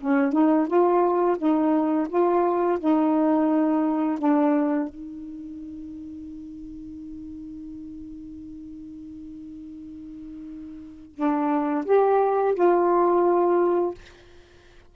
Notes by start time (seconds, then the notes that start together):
0.00 C#4
0.32 D#4
0.67 F4
1.38 D#4
2.09 F4
2.79 D#4
4.19 D4
4.88 D#4
11.15 D4
11.85 G4
12.54 F4